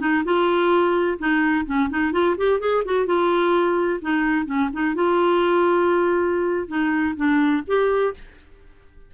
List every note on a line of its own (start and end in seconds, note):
0.00 0.23 D#4
0.25 1.18 F4
1.19 1.66 D#4
1.66 1.90 C#4
1.90 2.12 D#4
2.12 2.36 F4
2.37 2.60 G4
2.60 2.84 G#4
2.85 3.06 F#4
3.06 4.00 F4
4.02 4.46 D#4
4.46 4.69 C#4
4.73 4.95 D#4
4.95 6.68 F4
6.68 7.15 D#4
7.16 7.63 D4
7.67 8.14 G4